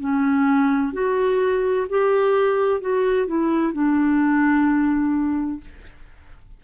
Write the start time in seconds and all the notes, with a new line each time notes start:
0.00 C#4
0.93 F#4
1.90 G4
2.81 F#4
3.27 E4
3.73 D4